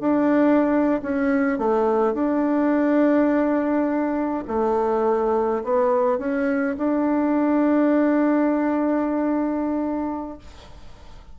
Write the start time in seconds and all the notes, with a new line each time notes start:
0.00 D4
1.02 C#4
1.58 A3
2.14 D4
4.48 A3
5.64 B3
6.18 C#4
6.78 D4